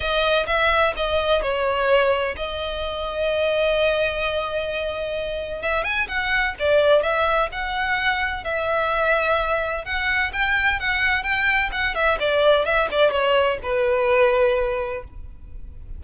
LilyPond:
\new Staff \with { instrumentName = "violin" } { \time 4/4 \tempo 4 = 128 dis''4 e''4 dis''4 cis''4~ | cis''4 dis''2.~ | dis''1 | e''8 gis''8 fis''4 d''4 e''4 |
fis''2 e''2~ | e''4 fis''4 g''4 fis''4 | g''4 fis''8 e''8 d''4 e''8 d''8 | cis''4 b'2. | }